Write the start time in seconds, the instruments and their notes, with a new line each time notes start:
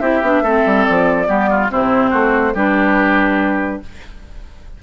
0.00 bassoon C4, clarinet E4, oboe G4, flute E5
0.22 bassoon B3, clarinet D4
0.42 bassoon A3, clarinet C4, oboe A4
0.66 bassoon G3
0.84 bassoon F3, flute D5
1.26 bassoon G3, clarinet B3, oboe G4
1.50 oboe F4
1.70 bassoon C3, clarinet C4, oboe E4, flute C5
2.10 bassoon A3, oboe F#4
2.55 bassoon G3, clarinet D4, oboe G4, flute B4